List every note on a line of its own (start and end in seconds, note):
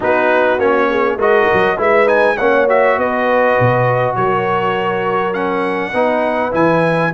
0.00 0.57 B3
0.00 0.59 D#4
0.00 0.88 F#4
0.00 0.59 B4
0.57 1.16 A#3
0.57 1.18 C#4
0.57 1.19 C#5
0.89 1.17 G#4
1.16 1.46 G#3
1.16 1.77 F#4
1.16 1.76 A#4
1.16 1.80 D#5
1.53 1.78 F#3
1.77 2.37 G#3
1.77 2.06 E4
1.77 2.36 B4
1.77 2.07 E5
2.06 2.35 D#4
2.06 2.37 G#5
2.37 2.98 A#3
2.37 2.68 C#4
2.37 2.97 C#5
2.37 2.66 F#5
2.68 5.33 F#4
2.68 2.99 E5
2.97 3.57 B3
2.97 4.16 B4
2.97 4.15 D#5
3.59 4.16 B2
4.15 5.93 F#3
4.15 5.92 A#4
4.15 5.33 C#5
5.33 5.92 C#4
5.33 6.52 F#5
5.92 6.53 B3
5.92 6.51 D#4
5.92 7.11 B4
6.51 7.13 E3
6.51 7.11 E4
6.51 7.13 G#5